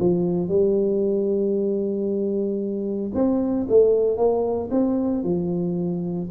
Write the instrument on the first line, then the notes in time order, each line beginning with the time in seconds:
tuba
0.00 F3
0.49 G3
3.15 C4
3.69 A3
4.18 A#3
4.71 C4
5.24 F3